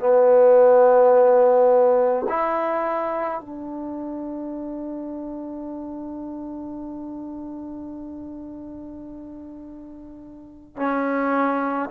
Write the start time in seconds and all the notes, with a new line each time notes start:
0.00 B3
2.29 E4
3.41 D4
10.77 C#4